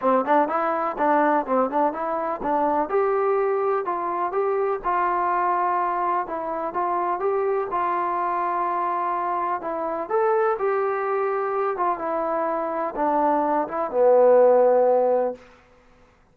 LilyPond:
\new Staff \with { instrumentName = "trombone" } { \time 4/4 \tempo 4 = 125 c'8 d'8 e'4 d'4 c'8 d'8 | e'4 d'4 g'2 | f'4 g'4 f'2~ | f'4 e'4 f'4 g'4 |
f'1 | e'4 a'4 g'2~ | g'8 f'8 e'2 d'4~ | d'8 e'8 b2. | }